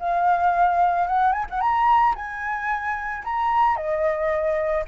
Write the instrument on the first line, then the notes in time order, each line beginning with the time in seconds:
flute
0.00 F5
1.08 F#5
1.33 G#5
1.51 F#5
1.61 A#5
2.15 G#5
3.24 A#5
3.77 D#5